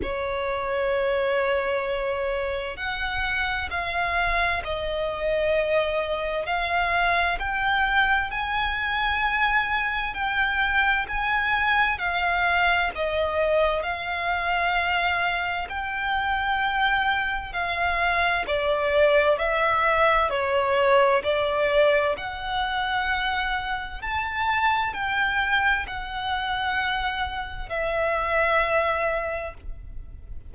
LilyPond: \new Staff \with { instrumentName = "violin" } { \time 4/4 \tempo 4 = 65 cis''2. fis''4 | f''4 dis''2 f''4 | g''4 gis''2 g''4 | gis''4 f''4 dis''4 f''4~ |
f''4 g''2 f''4 | d''4 e''4 cis''4 d''4 | fis''2 a''4 g''4 | fis''2 e''2 | }